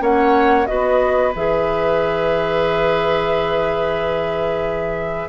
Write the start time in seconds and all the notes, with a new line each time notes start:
0.00 A#3 C#4 C#5 F#5
0.67 B3 F#4 B4 D#5
1.36 E3 G#4 E5